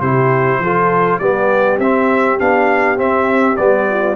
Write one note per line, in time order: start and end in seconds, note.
0.00 0.59 C3
0.00 0.63 E4
0.00 0.59 G4
0.00 1.19 C5
0.59 1.19 F3
0.59 1.21 F4
0.59 1.21 A4
1.19 1.78 G3
1.19 1.81 B3
1.19 3.88 G4
1.19 1.78 D5
1.78 2.38 C4
1.78 2.39 C4
1.78 2.39 E5
2.39 2.98 B3
2.39 2.97 D4
2.39 2.99 F5
2.97 3.56 C4
2.97 3.58 C4
2.97 3.57 E5
3.57 4.17 G3
3.57 4.17 B3
3.57 4.16 D5
3.90 4.17 F4